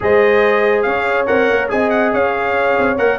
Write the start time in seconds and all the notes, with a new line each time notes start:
0.00 G#3 G#4 C5 D#5
0.82 C#4 C#5 F5
1.26 C4 A#4 F#5
1.50 A#3
1.69 C4 G#4 D#5 G#5
1.90 F#5
2.13 C#4 C#5 F5
2.77 C4
2.98 A#3 A#4 F#5